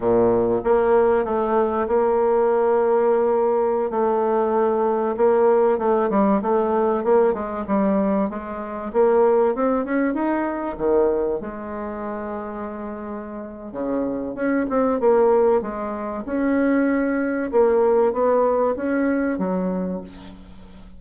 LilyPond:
\new Staff \with { instrumentName = "bassoon" } { \time 4/4 \tempo 4 = 96 ais,4 ais4 a4 ais4~ | ais2~ ais16 a4.~ a16~ | a16 ais4 a8 g8 a4 ais8 gis16~ | gis16 g4 gis4 ais4 c'8 cis'16~ |
cis'16 dis'4 dis4 gis4.~ gis16~ | gis2 cis4 cis'8 c'8 | ais4 gis4 cis'2 | ais4 b4 cis'4 fis4 | }